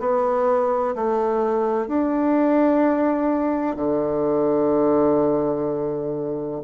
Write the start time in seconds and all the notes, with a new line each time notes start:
0.00 B3
0.96 A3
1.88 D4
3.76 D3